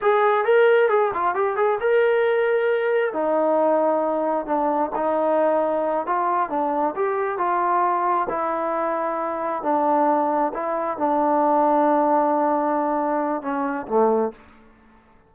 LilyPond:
\new Staff \with { instrumentName = "trombone" } { \time 4/4 \tempo 4 = 134 gis'4 ais'4 gis'8 f'8 g'8 gis'8 | ais'2. dis'4~ | dis'2 d'4 dis'4~ | dis'4. f'4 d'4 g'8~ |
g'8 f'2 e'4.~ | e'4. d'2 e'8~ | e'8 d'2.~ d'8~ | d'2 cis'4 a4 | }